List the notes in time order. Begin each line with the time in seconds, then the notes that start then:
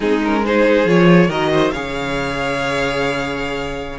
0.00 G#3 C4 D#4 G#4
0.24 C#4 A#4
0.45 D#4 G#4 C5
0.84 F3 F4 C#5
1.28 D#3 F#4 A#4 D#5
1.52 C5
1.71 C#3 G#4 C#5 F5